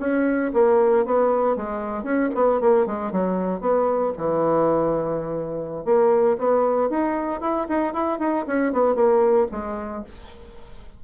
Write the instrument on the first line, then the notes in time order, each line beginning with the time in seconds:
bassoon
0.00 C#4
0.54 A#3
1.06 B3
1.56 G#3
2.03 C#4
2.35 B3
2.61 A#3
2.86 G#3
3.12 F#3
3.61 B3
4.17 E3
5.85 A#3
6.38 B3
6.90 D#4
7.41 E4
7.69 D#4
7.94 E4
8.19 D#4
8.47 C#4
8.73 B3
8.95 A#3
9.52 G#3